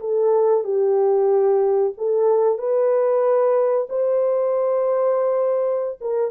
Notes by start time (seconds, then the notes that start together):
0.00 A4
0.64 G4
1.97 A4
2.58 B4
3.89 C5
6.01 A#4